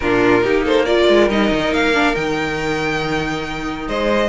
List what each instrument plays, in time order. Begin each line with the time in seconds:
0.00 cello A#2, viola D4, violin F4 A#4
0.42 cello A#3, viola D#4, violin G4
0.65 violin A4 C5
0.85 viola F4, violin A#4 D5
1.08 cello G#3
1.29 cello G3, viola D#4, violin D#5
1.51 cello D#3
1.71 cello A#3, violin F5
1.94 viola D4
2.15 cello D#3, viola D#4, violin G5
3.87 cello G#3, violin C5 D#5